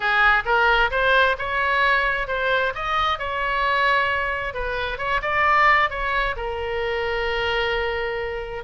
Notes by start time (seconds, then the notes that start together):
0.00 G#4
0.45 A#4
0.90 C5
1.38 C#5
2.27 C5
2.74 D#5
3.18 C#5
4.54 B4
4.98 C#5
5.22 D5
5.90 C#5
6.36 A#4